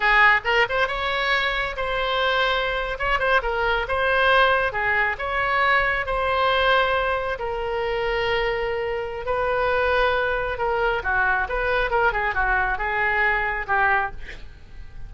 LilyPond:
\new Staff \with { instrumentName = "oboe" } { \time 4/4 \tempo 4 = 136 gis'4 ais'8 c''8 cis''2 | c''2~ c''8. cis''8 c''8 ais'16~ | ais'8. c''2 gis'4 cis''16~ | cis''4.~ cis''16 c''2~ c''16~ |
c''8. ais'2.~ ais'16~ | ais'4 b'2. | ais'4 fis'4 b'4 ais'8 gis'8 | fis'4 gis'2 g'4 | }